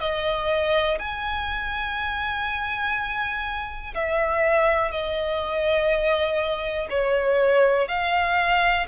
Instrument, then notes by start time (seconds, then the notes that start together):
violin
0.00 D#5
0.98 G#5
3.94 E5
4.91 D#5
6.90 C#5
7.88 F5